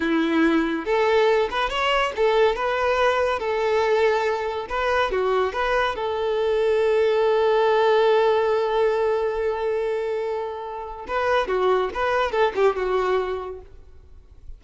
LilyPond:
\new Staff \with { instrumentName = "violin" } { \time 4/4 \tempo 4 = 141 e'2 a'4. b'8 | cis''4 a'4 b'2 | a'2. b'4 | fis'4 b'4 a'2~ |
a'1~ | a'1~ | a'2 b'4 fis'4 | b'4 a'8 g'8 fis'2 | }